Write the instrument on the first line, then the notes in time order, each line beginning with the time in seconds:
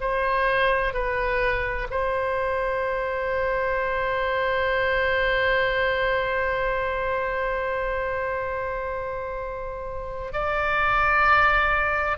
oboe
0.00 C5
0.93 B4
1.90 C5
10.33 D5